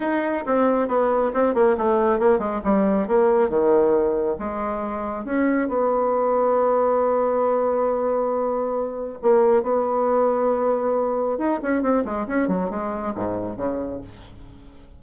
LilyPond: \new Staff \with { instrumentName = "bassoon" } { \time 4/4 \tempo 4 = 137 dis'4 c'4 b4 c'8 ais8 | a4 ais8 gis8 g4 ais4 | dis2 gis2 | cis'4 b2.~ |
b1~ | b4 ais4 b2~ | b2 dis'8 cis'8 c'8 gis8 | cis'8 fis8 gis4 gis,4 cis4 | }